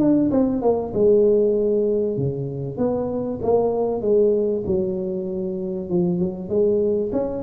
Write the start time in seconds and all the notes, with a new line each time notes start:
0.00 D4
0.32 C4
0.62 A#3
0.94 G#3
2.18 C#3
2.78 B3
3.43 A#3
4.02 G#3
4.67 F#3
5.90 F3
6.20 F#3
6.50 G#3
7.13 C#4